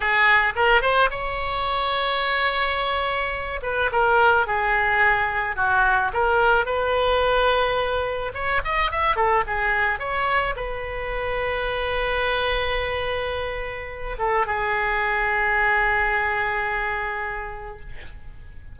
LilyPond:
\new Staff \with { instrumentName = "oboe" } { \time 4/4 \tempo 4 = 108 gis'4 ais'8 c''8 cis''2~ | cis''2~ cis''8 b'8 ais'4 | gis'2 fis'4 ais'4 | b'2. cis''8 dis''8 |
e''8 a'8 gis'4 cis''4 b'4~ | b'1~ | b'4. a'8 gis'2~ | gis'1 | }